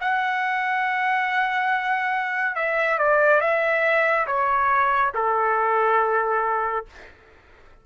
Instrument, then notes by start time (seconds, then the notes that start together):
trumpet
0.00 F#5
2.56 E5
2.98 D5
3.41 E5
4.27 C#5
5.14 A4